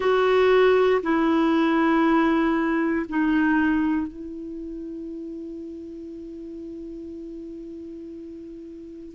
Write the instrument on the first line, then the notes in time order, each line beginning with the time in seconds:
clarinet
0.00 F#4
1.02 E4
3.08 D#4
4.07 E4